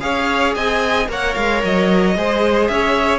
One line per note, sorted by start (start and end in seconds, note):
0.00 0.55 C#4
0.00 1.07 G#4
0.00 0.55 C#5
0.00 0.54 F5
0.54 1.08 C4
0.54 1.09 D#5
0.54 1.08 G#5
1.08 1.35 A#3
1.08 2.15 A#4
1.08 2.17 C#5
1.08 1.34 F#5
1.34 1.63 G#3
1.34 1.61 F5
1.63 2.16 F#3
1.63 2.68 D#5
2.16 2.68 G#3
2.16 3.18 G#4
2.16 2.71 C5
2.68 3.18 C#4
2.68 3.18 C#5
2.68 3.18 E5